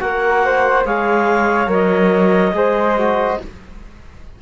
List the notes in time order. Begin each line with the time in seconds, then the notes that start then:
0.00 A#3 F#4 A#4 F#5
0.45 C5
0.85 G#3 G#4 C#5 F5
1.67 F#3 A#4 D#5
2.52 G#3 G#4 C5
2.97 F#4